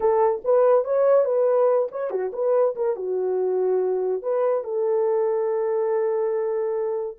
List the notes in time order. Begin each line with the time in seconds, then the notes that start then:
0.00 A4
0.44 B4
0.84 C#5
1.25 B4
1.91 C#5
2.10 F#4
2.32 B4
2.75 A#4
2.96 F#4
4.22 B4
4.64 A4